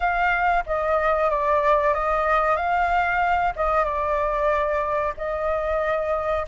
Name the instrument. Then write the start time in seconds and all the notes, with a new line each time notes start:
flute
0.00 F5
0.66 D#5
1.30 D5
1.94 D#5
2.56 F5
3.55 D#5
3.84 D5
5.17 D#5